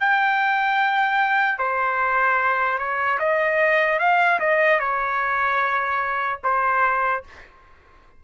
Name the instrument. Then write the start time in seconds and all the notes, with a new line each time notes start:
trumpet
0.00 G5
1.59 C5
2.78 C#5
3.19 D#5
3.99 F5
4.40 D#5
4.80 C#5
6.44 C5